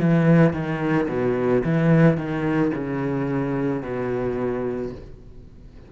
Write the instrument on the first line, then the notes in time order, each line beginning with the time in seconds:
cello
0.00 E3
0.53 D#3
1.08 B2
1.65 E3
2.17 D#3
2.75 C#3
3.83 B2